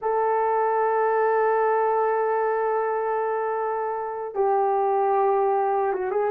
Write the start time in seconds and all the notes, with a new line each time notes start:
0.01 A4
4.34 G4
5.92 F#4
6.10 G#4